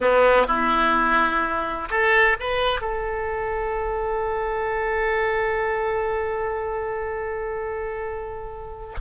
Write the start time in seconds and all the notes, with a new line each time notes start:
0.00 B3
0.47 E4
1.90 A4
2.39 B4
2.80 A4